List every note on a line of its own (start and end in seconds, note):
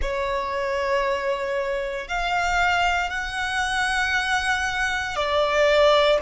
0.01 2.07 C#5
2.07 3.09 F5
3.09 5.15 F#5
5.15 6.19 D5